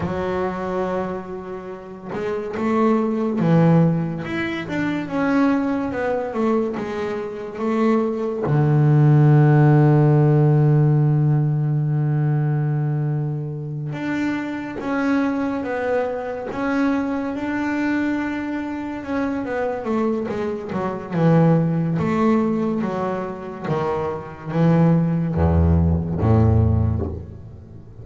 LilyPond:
\new Staff \with { instrumentName = "double bass" } { \time 4/4 \tempo 4 = 71 fis2~ fis8 gis8 a4 | e4 e'8 d'8 cis'4 b8 a8 | gis4 a4 d2~ | d1~ |
d8 d'4 cis'4 b4 cis'8~ | cis'8 d'2 cis'8 b8 a8 | gis8 fis8 e4 a4 fis4 | dis4 e4 e,4 a,4 | }